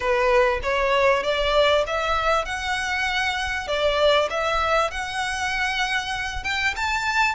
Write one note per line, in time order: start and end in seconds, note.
0.00 0.60 B4
0.62 1.23 C#5
1.23 1.84 D5
1.86 2.45 E5
2.45 3.67 F#5
3.67 4.29 D5
4.29 4.91 E5
4.91 6.43 F#5
6.43 6.74 G5
6.75 7.35 A5